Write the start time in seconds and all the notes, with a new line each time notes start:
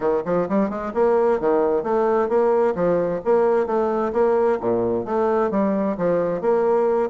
0.00 D#3
0.25 F3
0.49 G3
0.69 G#3
0.94 A#3
1.39 D#3
1.83 A3
2.28 A#3
2.75 F3
3.24 A#3
3.66 A3
4.12 A#3
4.60 A#2
5.05 A3
5.51 G3
5.97 F3
6.41 A#3